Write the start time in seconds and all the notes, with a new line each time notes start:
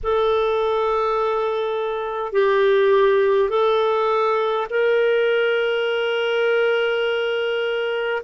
0.03 A4
2.32 G4
3.49 A4
4.70 A#4